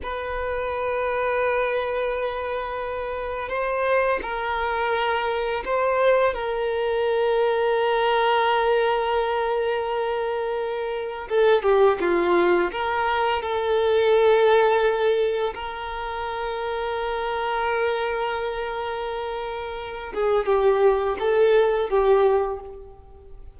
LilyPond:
\new Staff \with { instrumentName = "violin" } { \time 4/4 \tempo 4 = 85 b'1~ | b'4 c''4 ais'2 | c''4 ais'2.~ | ais'1 |
a'8 g'8 f'4 ais'4 a'4~ | a'2 ais'2~ | ais'1~ | ais'8 gis'8 g'4 a'4 g'4 | }